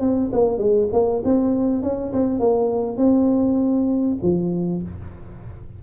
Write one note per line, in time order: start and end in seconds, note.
0.00 0.30 C4
0.32 0.58 A#3
0.58 0.88 G#3
0.92 1.22 A#3
1.24 1.82 C4
1.82 2.12 C#4
2.13 2.39 C4
2.39 2.97 A#3
2.97 4.17 C4
4.22 4.82 F3